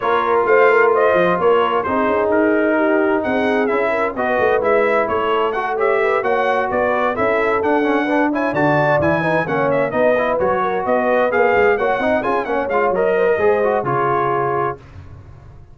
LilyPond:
<<
  \new Staff \with { instrumentName = "trumpet" } { \time 4/4 \tempo 4 = 130 cis''4 f''4 dis''4 cis''4 | c''4 ais'2 fis''4 | e''4 dis''4 e''4 cis''4 | fis''8 e''4 fis''4 d''4 e''8~ |
e''8 fis''4. gis''8 a''4 gis''8~ | gis''8 fis''8 e''8 dis''4 cis''4 dis''8~ | dis''8 f''4 fis''4 gis''8 fis''8 f''8 | dis''2 cis''2 | }
  \new Staff \with { instrumentName = "horn" } { \time 4/4 ais'4 c''8 ais'8 c''4 ais'4 | gis'2 g'4 gis'4~ | gis'8 ais'8 b'2 a'4~ | a'8 cis''8 b'8 cis''4 b'4 a'8~ |
a'4. b'8 cis''8 d''4. | b'8 cis''4 b'4. ais'8 b'8~ | b'4. cis''8 dis''8 gis'8 cis''4~ | cis''8 c''16 ais'16 c''4 gis'2 | }
  \new Staff \with { instrumentName = "trombone" } { \time 4/4 f'1 | dis'1 | e'4 fis'4 e'2 | fis'8 g'4 fis'2 e'8~ |
e'8 d'8 cis'8 d'8 e'8 fis'4 e'8 | dis'8 cis'4 dis'8 e'8 fis'4.~ | fis'8 gis'4 fis'8 dis'8 f'8 cis'8 f'8 | ais'4 gis'8 fis'8 f'2 | }
  \new Staff \with { instrumentName = "tuba" } { \time 4/4 ais4 a4. f8 ais4 | c'8 cis'8 dis'2 c'4 | cis'4 b8 a8 gis4 a4~ | a4. ais4 b4 cis'8~ |
cis'8 d'2 d4 e8~ | e8 ais4 b4 fis4 b8~ | b8 ais8 gis8 ais8 c'8 cis'8 ais8 gis8 | fis4 gis4 cis2 | }
>>